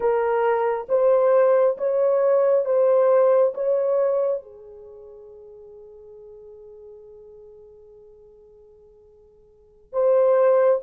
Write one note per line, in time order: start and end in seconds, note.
0.00 0.86 A#4
0.88 1.76 C5
1.77 2.65 C#5
2.65 3.53 C5
3.54 4.42 C#5
4.42 9.93 G#4
9.93 10.81 C5